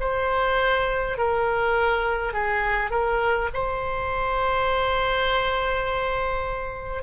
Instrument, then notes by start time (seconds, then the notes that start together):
oboe
0.00 C5
1.18 A#4
2.33 G#4
2.90 A#4
3.53 C5